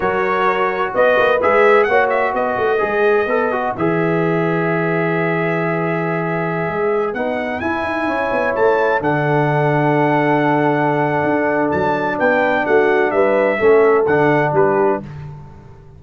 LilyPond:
<<
  \new Staff \with { instrumentName = "trumpet" } { \time 4/4 \tempo 4 = 128 cis''2 dis''4 e''4 | fis''8 e''8 dis''2. | e''1~ | e''2.~ e''16 fis''8.~ |
fis''16 gis''2 a''4 fis''8.~ | fis''1~ | fis''4 a''4 g''4 fis''4 | e''2 fis''4 b'4 | }
  \new Staff \with { instrumentName = "horn" } { \time 4/4 ais'2 b'2 | cis''4 b'2.~ | b'1~ | b'1~ |
b'4~ b'16 cis''2 a'8.~ | a'1~ | a'2 b'4 fis'4 | b'4 a'2 g'4 | }
  \new Staff \with { instrumentName = "trombone" } { \time 4/4 fis'2. gis'4 | fis'2 gis'4 a'8 fis'8 | gis'1~ | gis'2.~ gis'16 dis'8.~ |
dis'16 e'2. d'8.~ | d'1~ | d'1~ | d'4 cis'4 d'2 | }
  \new Staff \with { instrumentName = "tuba" } { \time 4/4 fis2 b8 ais8 gis4 | ais4 b8 a8 gis4 b4 | e1~ | e2~ e16 gis4 b8.~ |
b16 e'8 dis'8 cis'8 b8 a4 d8.~ | d1 | d'4 fis4 b4 a4 | g4 a4 d4 g4 | }
>>